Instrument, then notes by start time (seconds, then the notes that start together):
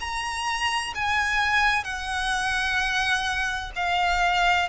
violin
0.00 A#5
0.95 G#5
1.84 F#5
3.76 F5